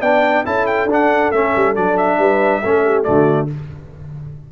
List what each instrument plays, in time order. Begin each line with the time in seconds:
0.00 tuba B3, trombone D4, horn D5, trumpet G5
0.45 tuba C#4, trombone E4, horn A4, trumpet A5
0.66 trumpet G5
0.85 tuba D4, trombone D4
0.92 trumpet F#5
1.31 tuba A3, trombone C#4, trumpet E5
1.56 tuba G3
1.75 tuba F#3, trombone D4, trumpet D5
1.97 trumpet E5
2.18 tuba G3, horn B4
2.62 tuba A3, trombone C#4, horn A4
2.84 horn G4
3.03 tuba D3, trombone A3, horn F#4, trumpet D5